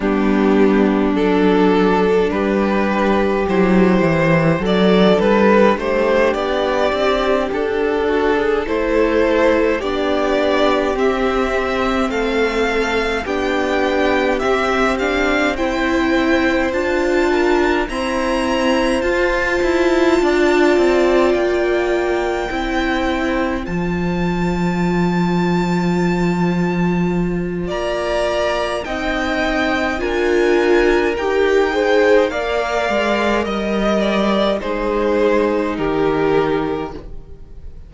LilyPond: <<
  \new Staff \with { instrumentName = "violin" } { \time 4/4 \tempo 4 = 52 g'4 a'4 b'4 c''4 | d''8 b'8 c''8 d''4 a'4 c''8~ | c''8 d''4 e''4 f''4 g''8~ | g''8 e''8 f''8 g''4 a''4 ais''8~ |
ais''8 a''2 g''4.~ | g''8 a''2.~ a''8 | ais''4 g''4 gis''4 g''4 | f''4 dis''8 d''8 c''4 ais'4 | }
  \new Staff \with { instrumentName = "violin" } { \time 4/4 d'2 g'2 | a'4 g'2 fis'16 gis'16 a'8~ | a'8 g'2 a'4 g'8~ | g'4. c''4. ais'8 c''8~ |
c''4. d''2 c''8~ | c''1 | d''4 dis''4 ais'4. c''8 | d''4 dis''4 gis'4 g'4 | }
  \new Staff \with { instrumentName = "viola" } { \time 4/4 b4 d'2 e'4 | d'2.~ d'8 e'8~ | e'8 d'4 c'2 d'8~ | d'8 c'8 d'8 e'4 f'4 c'8~ |
c'8 f'2. e'8~ | e'8 f'2.~ f'8~ | f'4 dis'4 f'4 g'8 gis'8 | ais'2 dis'2 | }
  \new Staff \with { instrumentName = "cello" } { \time 4/4 g4 fis4 g4 fis8 e8 | fis8 g8 a8 b8 c'8 d'4 a8~ | a8 b4 c'4 a4 b8~ | b8 c'2 d'4 e'8~ |
e'8 f'8 e'8 d'8 c'8 ais4 c'8~ | c'8 f2.~ f8 | ais4 c'4 d'4 dis'4 | ais8 gis8 g4 gis4 dis4 | }
>>